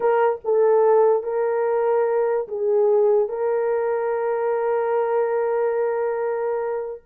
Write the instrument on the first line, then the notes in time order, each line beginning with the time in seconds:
horn
0.00 A#4
0.44 A4
1.23 A#4
2.47 G#4
3.28 A#4